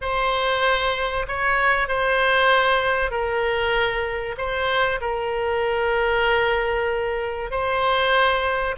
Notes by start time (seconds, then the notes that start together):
0.01 C5
1.27 C#5
1.88 C5
3.10 A#4
4.37 C5
5.00 A#4
7.50 C5